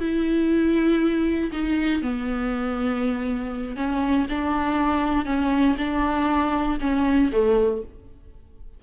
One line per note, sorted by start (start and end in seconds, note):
0.00 1.51 E4
1.52 2.03 D#4
2.03 3.76 B3
3.76 4.27 C#4
4.30 5.26 D4
5.26 5.76 C#4
5.78 6.79 D4
6.81 7.31 C#4
7.32 7.83 A3